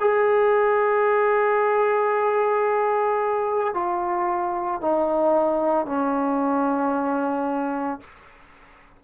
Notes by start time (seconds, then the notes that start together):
0.00 G#4
3.74 F4
4.81 D#4
5.86 C#4